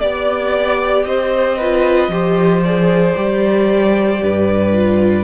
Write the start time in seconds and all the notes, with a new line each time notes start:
0.00 B3 G4 D5
1.04 C4 C5 D#5
1.58 F4 B4
2.08 F3 G4 C5
2.64 G#4 D5
3.16 G3 G4
4.23 G2 B4
4.72 F4